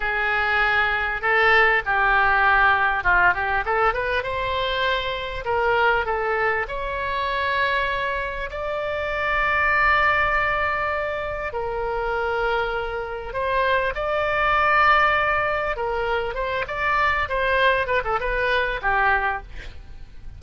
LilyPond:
\new Staff \with { instrumentName = "oboe" } { \time 4/4 \tempo 4 = 99 gis'2 a'4 g'4~ | g'4 f'8 g'8 a'8 b'8 c''4~ | c''4 ais'4 a'4 cis''4~ | cis''2 d''2~ |
d''2. ais'4~ | ais'2 c''4 d''4~ | d''2 ais'4 c''8 d''8~ | d''8 c''4 b'16 a'16 b'4 g'4 | }